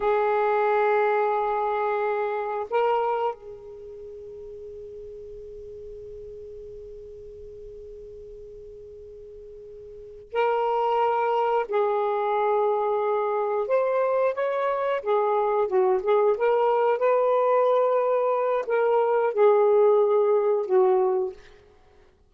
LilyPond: \new Staff \with { instrumentName = "saxophone" } { \time 4/4 \tempo 4 = 90 gis'1 | ais'4 gis'2.~ | gis'1~ | gis'2.~ gis'8 ais'8~ |
ais'4. gis'2~ gis'8~ | gis'8 c''4 cis''4 gis'4 fis'8 | gis'8 ais'4 b'2~ b'8 | ais'4 gis'2 fis'4 | }